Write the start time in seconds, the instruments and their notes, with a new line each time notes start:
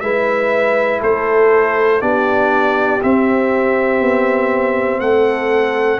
0.00 tuba G#3, trombone E4, horn B4, trumpet E5
1.01 tuba A3, horn A4, trumpet C5
2.00 tuba B3, trombone D4, horn G4, trumpet D5
3.02 trombone C4, tuba C4, trumpet E5
4.01 tuba B3
5.00 tuba A3, horn A4, trumpet F#5